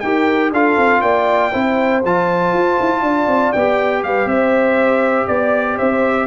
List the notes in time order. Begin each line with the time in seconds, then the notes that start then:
0.00 D#4 G4 A#4 G5
0.51 D4 F4 A4 F5
0.77 C4
1.01 A#3 D5 G5
1.51 C4 E4 C5
2.04 F3 F4 A5
2.53 F4
2.80 E4
3.01 D4 D5
3.27 C4
3.52 B3 G4 G5
4.03 G3 B4 F5
4.25 C4 C5 E5
5.27 B3 D5
5.76 C4 C5 E5